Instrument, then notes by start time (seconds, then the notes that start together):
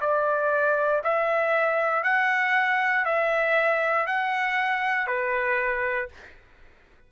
trumpet
0.00 D5
1.04 E5
2.03 F#5
3.05 E5
4.06 F#5
5.07 B4